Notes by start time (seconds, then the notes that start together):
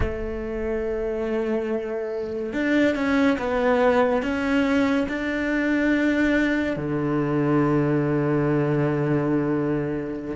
0.00 A3
2.53 D4
2.95 C#4
3.38 B3
4.22 C#4
5.08 D4
6.76 D3